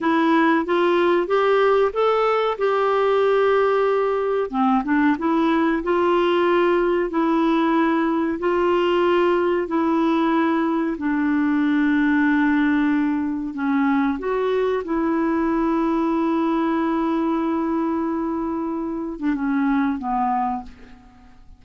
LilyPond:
\new Staff \with { instrumentName = "clarinet" } { \time 4/4 \tempo 4 = 93 e'4 f'4 g'4 a'4 | g'2. c'8 d'8 | e'4 f'2 e'4~ | e'4 f'2 e'4~ |
e'4 d'2.~ | d'4 cis'4 fis'4 e'4~ | e'1~ | e'4.~ e'16 d'16 cis'4 b4 | }